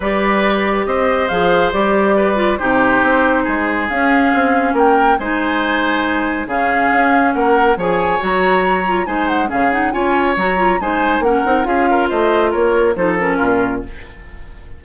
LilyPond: <<
  \new Staff \with { instrumentName = "flute" } { \time 4/4 \tempo 4 = 139 d''2 dis''4 f''4 | d''2 c''2~ | c''4 f''2 g''4 | gis''2. f''4~ |
f''4 fis''4 gis''4 ais''4~ | ais''4 gis''8 fis''8 f''8 fis''8 gis''4 | ais''4 gis''4 fis''4 f''4 | dis''4 cis''4 c''8 ais'4. | }
  \new Staff \with { instrumentName = "oboe" } { \time 4/4 b'2 c''2~ | c''4 b'4 g'2 | gis'2. ais'4 | c''2. gis'4~ |
gis'4 ais'4 cis''2~ | cis''4 c''4 gis'4 cis''4~ | cis''4 c''4 ais'4 gis'8 ais'8 | c''4 ais'4 a'4 f'4 | }
  \new Staff \with { instrumentName = "clarinet" } { \time 4/4 g'2. gis'4 | g'4. f'8 dis'2~ | dis'4 cis'2. | dis'2. cis'4~ |
cis'2 gis'4 fis'4~ | fis'8 f'8 dis'4 cis'8 dis'8 f'4 | fis'8 f'8 dis'4 cis'8 dis'8 f'4~ | f'2 dis'8 cis'4. | }
  \new Staff \with { instrumentName = "bassoon" } { \time 4/4 g2 c'4 f4 | g2 c4 c'4 | gis4 cis'4 c'4 ais4 | gis2. cis4 |
cis'4 ais4 f4 fis4~ | fis4 gis4 cis4 cis'4 | fis4 gis4 ais8 c'8 cis'4 | a4 ais4 f4 ais,4 | }
>>